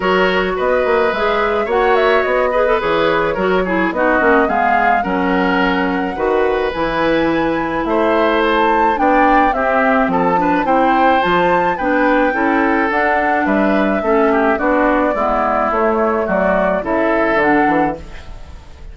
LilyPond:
<<
  \new Staff \with { instrumentName = "flute" } { \time 4/4 \tempo 4 = 107 cis''4 dis''4 e''4 fis''8 e''8 | dis''4 cis''2 dis''4 | f''4 fis''2. | gis''2 e''4 a''4 |
g''4 e''4 a''4 g''4 | a''4 g''2 fis''4 | e''2 d''2 | cis''4 d''4 e''4 fis''4 | }
  \new Staff \with { instrumentName = "oboe" } { \time 4/4 ais'4 b'2 cis''4~ | cis''8 b'4. ais'8 gis'8 fis'4 | gis'4 ais'2 b'4~ | b'2 c''2 |
d''4 g'4 a'8 b'8 c''4~ | c''4 b'4 a'2 | b'4 a'8 g'8 fis'4 e'4~ | e'4 fis'4 a'2 | }
  \new Staff \with { instrumentName = "clarinet" } { \time 4/4 fis'2 gis'4 fis'4~ | fis'8 gis'16 a'16 gis'4 fis'8 e'8 dis'8 cis'8 | b4 cis'2 fis'4 | e'1 |
d'4 c'4. d'8 e'4 | f'4 d'4 e'4 d'4~ | d'4 cis'4 d'4 b4 | a2 e'4 d'4 | }
  \new Staff \with { instrumentName = "bassoon" } { \time 4/4 fis4 b8 ais8 gis4 ais4 | b4 e4 fis4 b8 ais8 | gis4 fis2 dis4 | e2 a2 |
b4 c'4 f4 c'4 | f4 b4 cis'4 d'4 | g4 a4 b4 gis4 | a4 fis4 cis4 d8 e8 | }
>>